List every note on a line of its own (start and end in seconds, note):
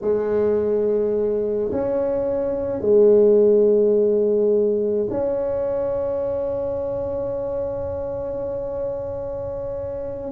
0.01 1.71 G#3
1.72 2.80 C#4
2.80 5.07 G#3
5.09 10.31 C#4